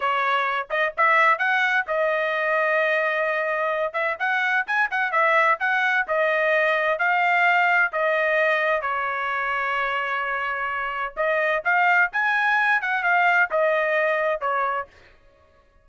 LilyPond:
\new Staff \with { instrumentName = "trumpet" } { \time 4/4 \tempo 4 = 129 cis''4. dis''8 e''4 fis''4 | dis''1~ | dis''8 e''8 fis''4 gis''8 fis''8 e''4 | fis''4 dis''2 f''4~ |
f''4 dis''2 cis''4~ | cis''1 | dis''4 f''4 gis''4. fis''8 | f''4 dis''2 cis''4 | }